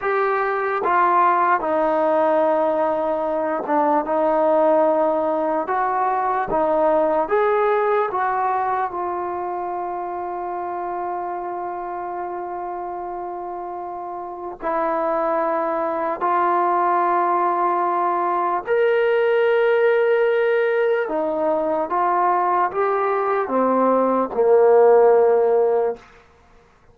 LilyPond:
\new Staff \with { instrumentName = "trombone" } { \time 4/4 \tempo 4 = 74 g'4 f'4 dis'2~ | dis'8 d'8 dis'2 fis'4 | dis'4 gis'4 fis'4 f'4~ | f'1~ |
f'2 e'2 | f'2. ais'4~ | ais'2 dis'4 f'4 | g'4 c'4 ais2 | }